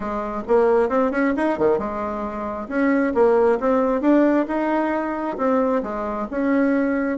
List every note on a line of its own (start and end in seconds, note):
0.00 0.42 G#3
0.47 0.89 A#3
0.89 1.11 C4
1.11 1.33 C#4
1.36 1.58 D#4
1.58 1.78 D#3
1.78 2.68 G#3
2.68 3.13 C#4
3.14 3.59 A#3
3.60 4.01 C4
4.01 4.46 D4
4.47 5.37 D#4
5.37 5.82 C4
5.82 6.27 G#3
6.30 7.18 C#4